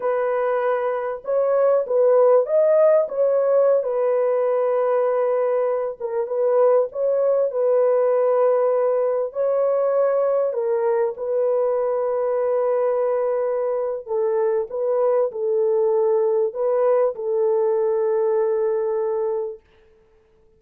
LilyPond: \new Staff \with { instrumentName = "horn" } { \time 4/4 \tempo 4 = 98 b'2 cis''4 b'4 | dis''4 cis''4~ cis''16 b'4.~ b'16~ | b'4.~ b'16 ais'8 b'4 cis''8.~ | cis''16 b'2. cis''8.~ |
cis''4~ cis''16 ais'4 b'4.~ b'16~ | b'2. a'4 | b'4 a'2 b'4 | a'1 | }